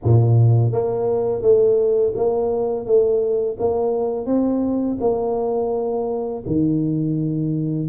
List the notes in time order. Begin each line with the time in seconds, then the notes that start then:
0.03 A#2
0.71 A#3
1.42 A3
2.15 A#3
2.85 A3
3.59 A#3
4.26 C4
5.00 A#3
6.46 D#3